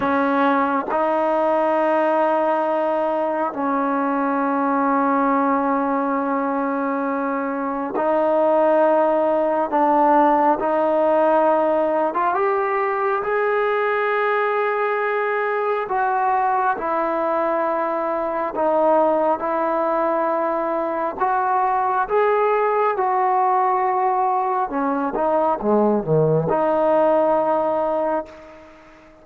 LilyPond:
\new Staff \with { instrumentName = "trombone" } { \time 4/4 \tempo 4 = 68 cis'4 dis'2. | cis'1~ | cis'4 dis'2 d'4 | dis'4.~ dis'16 f'16 g'4 gis'4~ |
gis'2 fis'4 e'4~ | e'4 dis'4 e'2 | fis'4 gis'4 fis'2 | cis'8 dis'8 gis8 dis8 dis'2 | }